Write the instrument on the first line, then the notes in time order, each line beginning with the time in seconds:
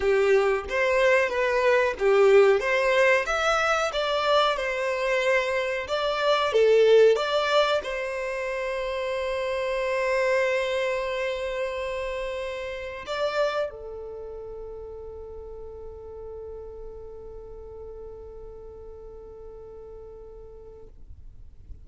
violin
0.00 G4
0.69 C5
1.29 B4
1.99 G4
2.59 C5
3.25 E5
3.92 D5
4.57 C5
5.87 D5
6.52 A4
7.16 D5
7.83 C5
13.06 D5
13.70 A4